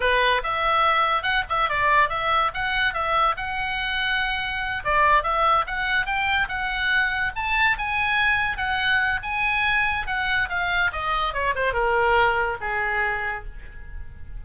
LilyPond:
\new Staff \with { instrumentName = "oboe" } { \time 4/4 \tempo 4 = 143 b'4 e''2 fis''8 e''8 | d''4 e''4 fis''4 e''4 | fis''2.~ fis''8 d''8~ | d''8 e''4 fis''4 g''4 fis''8~ |
fis''4. a''4 gis''4.~ | gis''8 fis''4. gis''2 | fis''4 f''4 dis''4 cis''8 c''8 | ais'2 gis'2 | }